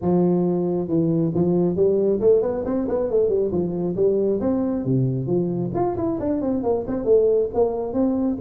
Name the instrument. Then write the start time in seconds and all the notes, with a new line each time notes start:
tuba
0.01 F3
0.87 E3
1.34 F3
1.76 G3
2.20 A3
2.42 B3
2.65 C4
2.88 B3
3.10 A3
3.28 G3
3.51 F3
3.96 G3
4.40 C4
4.84 C3
5.26 F3
5.74 F4
5.96 E4
6.19 D4
6.41 C4
6.63 A#3
6.87 C4
7.05 A3
7.54 A#3
7.93 C4